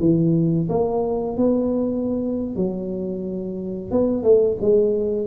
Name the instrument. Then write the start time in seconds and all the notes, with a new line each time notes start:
tuba
0.00 E3
0.69 A#3
1.37 B3
2.56 F#3
3.91 B3
4.23 A3
4.61 G#3